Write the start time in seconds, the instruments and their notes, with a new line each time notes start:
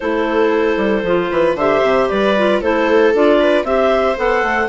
0.00 bassoon A3, clarinet E4 C5, viola A4
0.76 bassoon G3
1.03 bassoon F3, clarinet F4
1.30 bassoon E3, viola B4
1.55 bassoon D3, clarinet G4 E5, viola C5
1.82 bassoon C3
2.08 bassoon G3, viola B4, clarinet D5
2.37 clarinet F4
2.61 bassoon A3, clarinet E4 C5, viola A4
3.13 bassoon D4, clarinet F4 D5
3.39 viola B4
3.63 bassoon C4, clarinet G4 E5, viola C5
4.16 bassoon B3, clarinet A4 F#5
4.42 bassoon A3